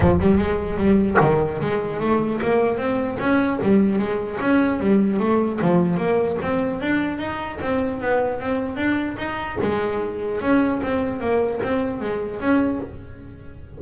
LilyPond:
\new Staff \with { instrumentName = "double bass" } { \time 4/4 \tempo 4 = 150 f8 g8 gis4 g4 dis4 | gis4 a4 ais4 c'4 | cis'4 g4 gis4 cis'4 | g4 a4 f4 ais4 |
c'4 d'4 dis'4 c'4 | b4 c'4 d'4 dis'4 | gis2 cis'4 c'4 | ais4 c'4 gis4 cis'4 | }